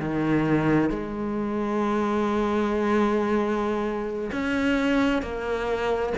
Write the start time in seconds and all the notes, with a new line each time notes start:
0.00 D#3
0.90 G#3
4.32 C#4
5.22 A#3